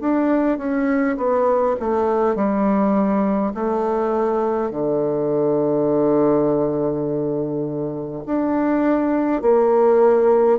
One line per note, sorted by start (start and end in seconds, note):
0.00 0.58 D4
0.58 1.17 C#4
1.17 1.75 B3
1.80 2.35 A3
2.35 3.53 G3
3.54 4.71 A3
4.71 8.24 D3
8.26 9.42 D4
9.42 10.58 A#3